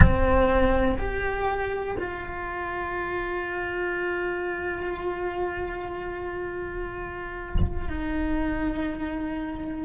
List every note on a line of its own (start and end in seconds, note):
0.00 0.97 C4
0.98 1.96 G4
1.99 7.89 F4
7.89 9.84 D#4